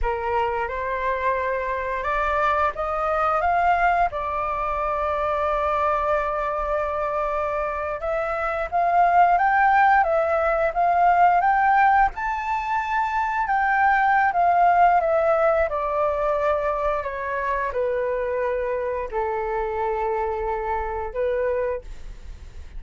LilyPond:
\new Staff \with { instrumentName = "flute" } { \time 4/4 \tempo 4 = 88 ais'4 c''2 d''4 | dis''4 f''4 d''2~ | d''2.~ d''8. e''16~ | e''8. f''4 g''4 e''4 f''16~ |
f''8. g''4 a''2 g''16~ | g''4 f''4 e''4 d''4~ | d''4 cis''4 b'2 | a'2. b'4 | }